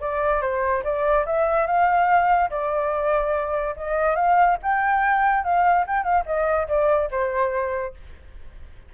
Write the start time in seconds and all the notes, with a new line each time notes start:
0.00 D5
0.41 C5
0.83 D5
1.26 E5
1.66 F5
2.50 D5
3.76 D#5
4.15 F5
4.62 G5
5.44 F5
5.87 G5
6.03 F5
6.26 D#5
6.68 D5
7.11 C5